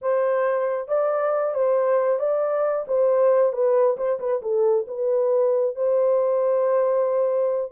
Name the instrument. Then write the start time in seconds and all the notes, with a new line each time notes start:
horn
0.01 C5
0.88 D5
1.54 C5
2.19 D5
2.87 C5
3.52 B4
3.97 C5
4.19 B4
4.42 A4
4.87 B4
5.75 C5